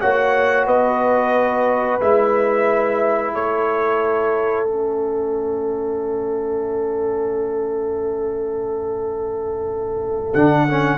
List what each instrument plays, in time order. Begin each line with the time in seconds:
0.00 tuba A#3, trombone F#4, horn C#5, trumpet F#5
0.66 tuba B3, horn B4, trumpet D#5
2.00 tuba G#3, trombone E4, trumpet E5
3.33 tuba A3, horn A4, trumpet C#5
4.67 trombone C#4, trumpet E5
10.33 tuba D3, trombone D4, trumpet F#5
10.68 trombone C#4